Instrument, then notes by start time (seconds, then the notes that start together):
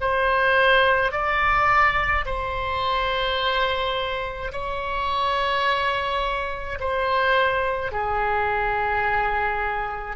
oboe
0.00 C5
1.11 D5
2.25 C5
4.52 C#5
6.79 C5
7.91 G#4